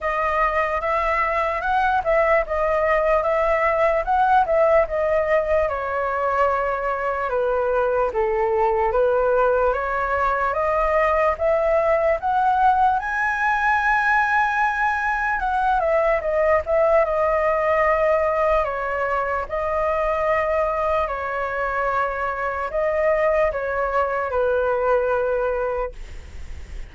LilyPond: \new Staff \with { instrumentName = "flute" } { \time 4/4 \tempo 4 = 74 dis''4 e''4 fis''8 e''8 dis''4 | e''4 fis''8 e''8 dis''4 cis''4~ | cis''4 b'4 a'4 b'4 | cis''4 dis''4 e''4 fis''4 |
gis''2. fis''8 e''8 | dis''8 e''8 dis''2 cis''4 | dis''2 cis''2 | dis''4 cis''4 b'2 | }